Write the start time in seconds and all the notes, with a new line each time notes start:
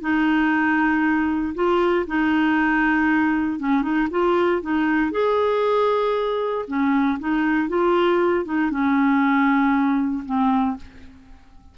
0.00 D#4
1.54 F4
2.07 D#4
3.59 C#4
3.82 D#4
4.10 F4
4.61 D#4
5.11 G#4
6.67 C#4
7.19 D#4
7.68 F4
8.45 D#4
8.70 C#4
10.25 C4